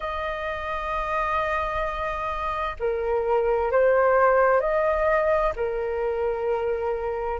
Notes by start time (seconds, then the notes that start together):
0.00 D#5
2.79 A#4
3.71 C5
4.60 D#5
5.56 A#4